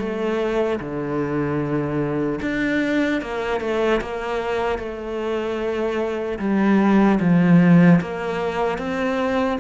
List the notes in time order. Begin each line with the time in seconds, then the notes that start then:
0.00 A3
0.80 D3
2.42 D4
3.22 A#3
3.61 A3
4.01 A#3
4.79 A3
6.40 G3
7.21 F3
8.01 A#3
8.79 C4